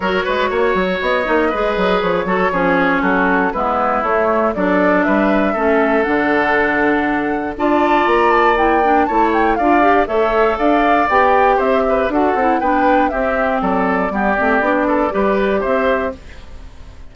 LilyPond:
<<
  \new Staff \with { instrumentName = "flute" } { \time 4/4 \tempo 4 = 119 cis''2 dis''2 | cis''2 a'4 b'4 | cis''4 d''4 e''2 | fis''2. a''4 |
ais''8 a''8 g''4 a''8 g''8 f''4 | e''4 f''4 g''4 e''4 | fis''4 g''4 e''4 d''4~ | d''2. e''4 | }
  \new Staff \with { instrumentName = "oboe" } { \time 4/4 ais'8 b'8 cis''2 b'4~ | b'8 a'8 gis'4 fis'4 e'4~ | e'4 a'4 b'4 a'4~ | a'2. d''4~ |
d''2 cis''4 d''4 | cis''4 d''2 c''8 b'8 | a'4 b'4 g'4 a'4 | g'4. a'8 b'4 c''4 | }
  \new Staff \with { instrumentName = "clarinet" } { \time 4/4 fis'2~ fis'8 dis'8 gis'4~ | gis'8 fis'8 cis'2 b4 | a4 d'2 cis'4 | d'2. f'4~ |
f'4 e'8 d'8 e'4 f'8 g'8 | a'2 g'2 | fis'8 e'8 d'4 c'2 | b8 c'8 d'4 g'2 | }
  \new Staff \with { instrumentName = "bassoon" } { \time 4/4 fis8 gis8 ais8 fis8 b8 ais8 gis8 fis8 | f8 fis8 f4 fis4 gis4 | a4 fis4 g4 a4 | d2. d'4 |
ais2 a4 d'4 | a4 d'4 b4 c'4 | d'8 c'8 b4 c'4 fis4 | g8 a8 b4 g4 c'4 | }
>>